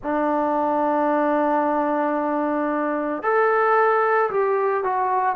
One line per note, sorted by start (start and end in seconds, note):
0.02 3.22 D4
3.22 4.30 A4
4.30 4.83 G4
4.83 5.35 F#4